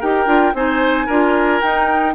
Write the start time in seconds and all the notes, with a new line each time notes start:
0.00 D#4 G4 A#4 G5
0.26 D4 F4
0.54 C4 D#4 C5 G#5
1.06 D4 F4 A#4
1.61 D#4 G5